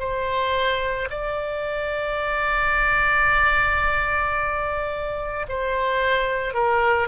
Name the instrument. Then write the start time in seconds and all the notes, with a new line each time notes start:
oboe
0.00 C5
1.11 D5
5.49 C5
6.54 A#4